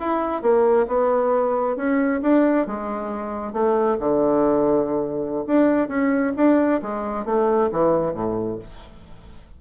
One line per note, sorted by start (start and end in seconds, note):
0.00 0.42 E4
0.42 0.87 A#3
0.88 1.77 B3
1.77 2.21 C#4
2.23 2.67 D4
2.67 3.53 G#3
3.53 3.98 A3
4.00 5.45 D3
5.47 5.89 D4
5.89 6.33 C#4
6.37 6.82 D4
6.82 7.25 G#3
7.25 7.70 A3
7.72 8.14 E3
8.14 8.59 A2